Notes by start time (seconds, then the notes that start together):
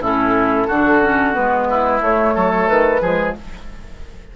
0.00 A2 C#4 E4 A4
0.67 D3 D4 F#4
1.02 C#4
1.33 G#3 B3 B4
1.70 E4
2.01 A3 C#5
2.35 F#3 A4
2.68 D#3 B4
3.01 F3 G#3 G#4